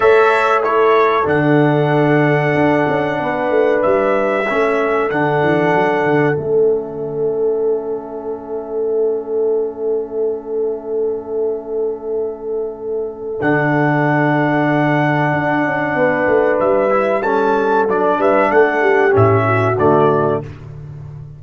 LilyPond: <<
  \new Staff \with { instrumentName = "trumpet" } { \time 4/4 \tempo 4 = 94 e''4 cis''4 fis''2~ | fis''2 e''2 | fis''2 e''2~ | e''1~ |
e''1~ | e''4 fis''2.~ | fis''2 e''4 a''4 | d''8 e''8 fis''4 e''4 d''4 | }
  \new Staff \with { instrumentName = "horn" } { \time 4/4 cis''4 a'2.~ | a'4 b'2 a'4~ | a'1~ | a'1~ |
a'1~ | a'1~ | a'4 b'2 a'4~ | a'8 b'8 a'8 g'4 fis'4. | }
  \new Staff \with { instrumentName = "trombone" } { \time 4/4 a'4 e'4 d'2~ | d'2. cis'4 | d'2 cis'2~ | cis'1~ |
cis'1~ | cis'4 d'2.~ | d'2~ d'8 e'8 cis'4 | d'2 cis'4 a4 | }
  \new Staff \with { instrumentName = "tuba" } { \time 4/4 a2 d2 | d'8 cis'8 b8 a8 g4 a4 | d8 e8 fis8 d8 a2~ | a1~ |
a1~ | a4 d2. | d'8 cis'8 b8 a8 g2 | fis8 g8 a4 a,4 d4 | }
>>